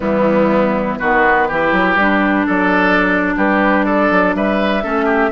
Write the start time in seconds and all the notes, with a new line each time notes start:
0.00 E3 G3 B3 E4
0.98 D#3 B3 F#4 B4
1.48 E3 E4 G4
1.72 F#3
1.96 G3 D4
2.46 F#3 A4 D5
3.36 G3 G4 B4
3.84 A4 D5
4.11 F#3
4.35 G3 B4 E5
4.82 A3 C#4 A4
5.05 G4